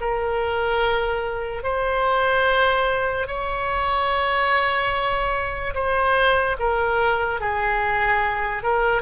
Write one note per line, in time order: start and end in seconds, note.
0.00 1.63 A#4
1.63 3.27 C5
3.27 5.74 C#5
5.74 6.56 C5
6.59 7.40 A#4
7.40 8.63 G#4
8.63 9.02 A#4